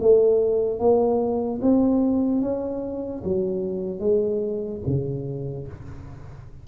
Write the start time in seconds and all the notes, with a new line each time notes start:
0.00 A3
0.79 A#3
1.61 C4
2.41 C#4
3.24 F#3
4.00 G#3
4.86 C#3